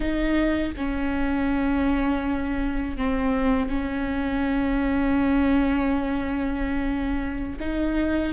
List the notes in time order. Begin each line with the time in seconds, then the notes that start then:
0.00 D#4
0.76 C#4
2.97 C4
3.68 C#4
7.60 D#4